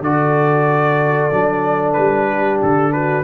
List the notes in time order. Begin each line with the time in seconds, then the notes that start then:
0.00 D3 F#4 A4 D5
1.31 F#3 D4
1.93 G3 B4
2.29 G4
2.62 D3 A4
2.92 F#4 B4